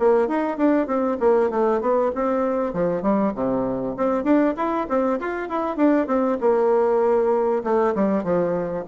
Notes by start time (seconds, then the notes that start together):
0.00 A#3
0.28 D#4
0.58 D4
0.87 C4
1.21 A#3
1.51 A3
1.81 B3
2.16 C4
2.74 F3
3.03 G3
3.35 C3
3.97 C4
4.24 D4
4.57 E4
4.89 C4
5.20 F4
5.50 E4
5.77 D4
6.08 C4
6.41 A#3
7.64 A3
7.95 G3
8.24 F3